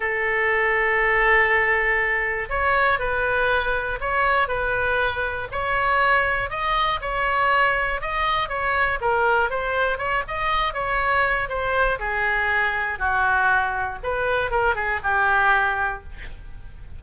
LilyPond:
\new Staff \with { instrumentName = "oboe" } { \time 4/4 \tempo 4 = 120 a'1~ | a'4 cis''4 b'2 | cis''4 b'2 cis''4~ | cis''4 dis''4 cis''2 |
dis''4 cis''4 ais'4 c''4 | cis''8 dis''4 cis''4. c''4 | gis'2 fis'2 | b'4 ais'8 gis'8 g'2 | }